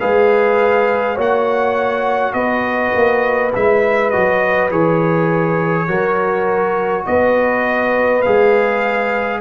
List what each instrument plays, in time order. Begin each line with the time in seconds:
0.00 tuba G#3, trombone G#4, horn B4, trumpet F5
1.15 tuba A#3, trombone F#4, horn C#5, trumpet F#5
2.34 tuba B3, horn B4, trumpet D#5
2.95 tuba A#3
3.56 tuba G#3, trombone E4, trumpet E5
4.11 tuba F#3, trombone F#4, trumpet D#5
4.71 tuba E3, trombone G#4, trumpet C#5
5.88 tuba F#3, trombone F#4, horn A#4
7.06 tuba B3, horn B4, trumpet D#5
8.22 tuba G#3, trombone G#4, trumpet F5